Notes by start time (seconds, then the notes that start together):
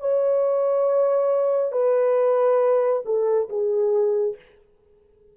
0.00 C#5
1.72 B4
3.06 A4
3.49 G#4